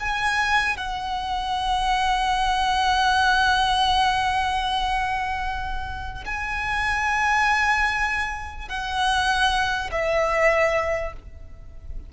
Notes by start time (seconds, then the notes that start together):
0.00 G#5
0.77 F#5
6.26 G#5
8.69 F#5
9.92 E5